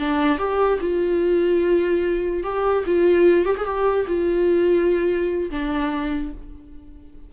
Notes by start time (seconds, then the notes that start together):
0.00 D4
0.39 G4
0.81 F4
2.44 G4
2.87 F4
3.46 G4
3.57 G#4
3.65 G4
4.08 F4
5.51 D4